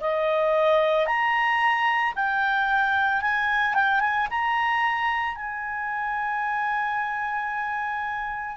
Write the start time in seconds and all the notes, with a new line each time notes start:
0.00 D#5
1.06 A#5
2.15 G5
3.21 G#5
3.74 G5
4.00 G#5
4.30 A#5
5.35 G#5